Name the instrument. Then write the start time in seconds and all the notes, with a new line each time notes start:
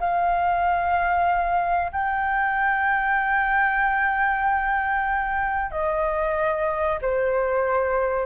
flute
0.00 F5
1.92 G5
5.71 D#5
7.01 C5